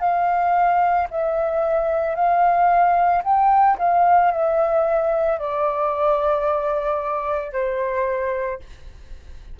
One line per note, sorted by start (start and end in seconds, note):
0.00 1.07 F5
1.11 2.15 E5
2.15 3.22 F5
3.24 3.77 G5
3.78 4.31 F5
4.31 5.38 E5
5.39 7.52 D5
7.52 8.60 C5